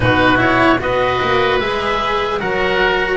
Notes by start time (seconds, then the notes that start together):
0.00 B2 D#4 F#4 B4
0.37 E4 C#5
0.80 B3 F#4 B4 D#5
1.22 A#3
1.60 G#3 G#4 E5
2.39 F#3 F#4 A#4 F#5